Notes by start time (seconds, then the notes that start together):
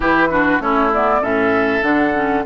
0.00 E3 E4 G4 B4
0.30 D4 F#4
0.59 A3 C#4 E4 C#5
0.93 B3 D5
1.21 A2 C#4 A4 E5
1.82 D3 D4 F#5
2.14 C#4